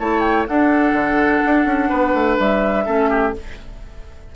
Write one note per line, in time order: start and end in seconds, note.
0.00 0.48 A3
0.00 0.48 E4
0.00 0.48 C#5
0.00 0.21 A5
0.21 0.44 G5
0.48 2.86 D4
0.48 0.93 D4
0.48 1.90 A4
0.48 2.38 F#5
0.93 1.41 D3
1.46 1.66 D4
1.66 1.90 C#4
1.90 2.14 B3
1.90 2.85 B4
2.14 2.38 A3
2.39 2.87 G3
2.39 3.35 E5
2.86 3.36 A3
2.86 3.33 C#4
2.86 3.10 A4
3.10 3.34 G4